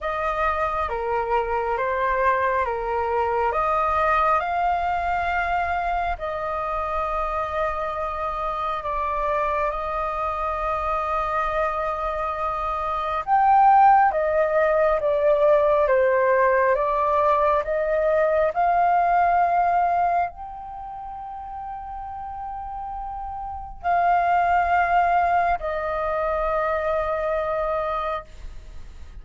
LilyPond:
\new Staff \with { instrumentName = "flute" } { \time 4/4 \tempo 4 = 68 dis''4 ais'4 c''4 ais'4 | dis''4 f''2 dis''4~ | dis''2 d''4 dis''4~ | dis''2. g''4 |
dis''4 d''4 c''4 d''4 | dis''4 f''2 g''4~ | g''2. f''4~ | f''4 dis''2. | }